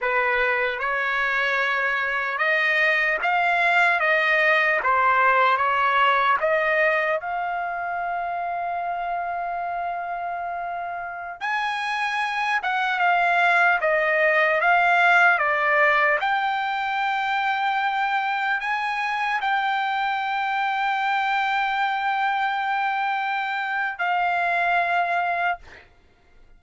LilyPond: \new Staff \with { instrumentName = "trumpet" } { \time 4/4 \tempo 4 = 75 b'4 cis''2 dis''4 | f''4 dis''4 c''4 cis''4 | dis''4 f''2.~ | f''2~ f''16 gis''4. fis''16~ |
fis''16 f''4 dis''4 f''4 d''8.~ | d''16 g''2. gis''8.~ | gis''16 g''2.~ g''8.~ | g''2 f''2 | }